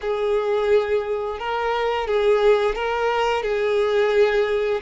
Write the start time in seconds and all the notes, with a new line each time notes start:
0.01 G#4
1.39 A#4
2.07 G#4
2.75 A#4
3.42 G#4